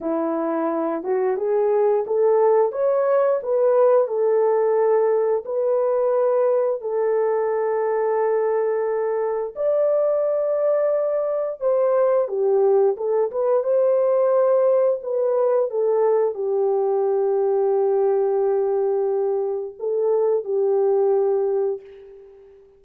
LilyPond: \new Staff \with { instrumentName = "horn" } { \time 4/4 \tempo 4 = 88 e'4. fis'8 gis'4 a'4 | cis''4 b'4 a'2 | b'2 a'2~ | a'2 d''2~ |
d''4 c''4 g'4 a'8 b'8 | c''2 b'4 a'4 | g'1~ | g'4 a'4 g'2 | }